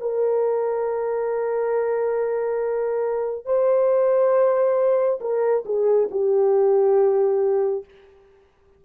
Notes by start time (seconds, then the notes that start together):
0.00 A#4
3.45 C5
5.20 A#4
5.65 G#4
6.11 G4